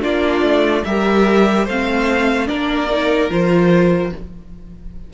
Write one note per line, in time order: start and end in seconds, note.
0.00 0.42 A#3
0.00 0.82 D4
0.00 0.84 F4
0.00 0.84 D5
0.42 0.83 A3
0.84 1.67 G3
0.84 1.68 G4
0.84 1.65 A#4
0.84 1.67 E5
1.65 2.49 A3
1.65 2.47 C4
1.65 2.47 C5
1.65 2.48 F5
2.47 3.30 A#3
2.47 2.88 D4
2.47 4.12 A#4
2.47 3.30 D5
2.91 3.30 D#4
3.30 4.12 F3
3.30 4.12 F4
3.30 4.14 C5